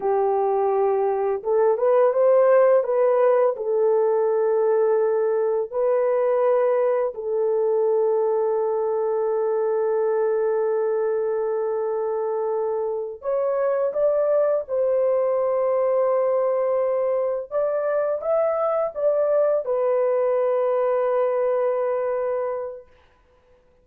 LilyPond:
\new Staff \with { instrumentName = "horn" } { \time 4/4 \tempo 4 = 84 g'2 a'8 b'8 c''4 | b'4 a'2. | b'2 a'2~ | a'1~ |
a'2~ a'8 cis''4 d''8~ | d''8 c''2.~ c''8~ | c''8 d''4 e''4 d''4 b'8~ | b'1 | }